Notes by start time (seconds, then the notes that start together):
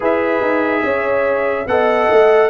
0.00 E4 G#4 B4 E5
0.41 D#4
0.82 C#4 C#5
1.66 B3 A4 D#5 F#5
2.10 A3